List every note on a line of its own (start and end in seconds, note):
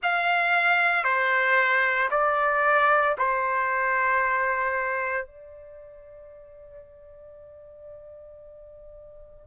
0.02 1.03 F5
1.03 2.09 C5
2.11 3.16 D5
3.18 5.26 C5
5.26 9.47 D5